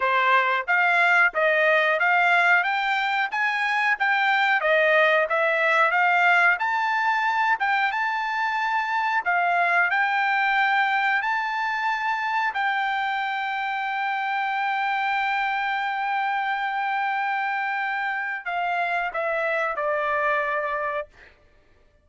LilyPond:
\new Staff \with { instrumentName = "trumpet" } { \time 4/4 \tempo 4 = 91 c''4 f''4 dis''4 f''4 | g''4 gis''4 g''4 dis''4 | e''4 f''4 a''4. g''8 | a''2 f''4 g''4~ |
g''4 a''2 g''4~ | g''1~ | g''1 | f''4 e''4 d''2 | }